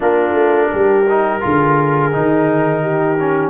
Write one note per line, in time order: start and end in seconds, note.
0.00 0.33 A#3
0.00 1.05 D4
0.00 0.70 F4
0.00 3.49 A#4
0.33 0.69 A3
0.72 1.43 G3
0.72 1.42 G4
1.09 1.40 D#4
1.40 2.15 D3
1.40 2.11 F4
1.40 2.82 G#4
2.12 3.49 D#3
2.12 3.17 D#4
2.82 3.49 G4
3.19 3.49 C#4